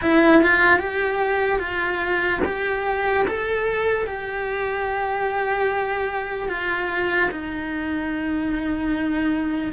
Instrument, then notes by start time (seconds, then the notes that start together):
cello
0.01 E4
0.42 F4
0.79 G4
1.58 F4
2.44 G4
3.27 A4
4.07 G4
6.48 F4
7.31 D#4